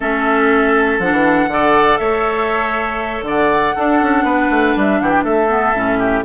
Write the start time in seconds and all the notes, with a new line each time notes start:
0.00 A3 C#4 A4 E5
0.99 F3 D4 F#5
1.12 E3
1.47 D3 A4 D5
1.97 A3 C#5 E5
3.22 D3 D5
3.28 F#5
3.75 D4 A4
4.01 C#4
4.23 B3 B4
4.50 A3
4.76 G3 E5
5.00 E3 G4 F#5
5.10 G5
5.23 A3 A4 E5
5.48 B3
5.74 A2 C#4
5.98 G4